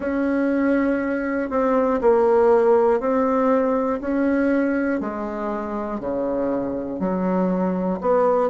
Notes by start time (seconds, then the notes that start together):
0.00 C#4
1.50 C4
2.00 A#3
3.00 C4
4.00 C#4
5.00 G#3
6.00 C#3
7.00 F#3
8.00 B3